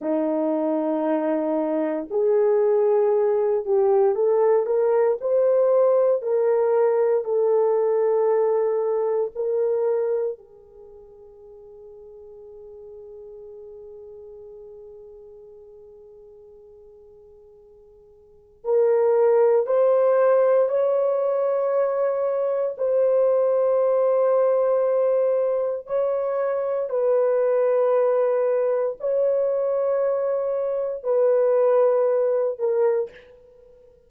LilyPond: \new Staff \with { instrumentName = "horn" } { \time 4/4 \tempo 4 = 58 dis'2 gis'4. g'8 | a'8 ais'8 c''4 ais'4 a'4~ | a'4 ais'4 gis'2~ | gis'1~ |
gis'2 ais'4 c''4 | cis''2 c''2~ | c''4 cis''4 b'2 | cis''2 b'4. ais'8 | }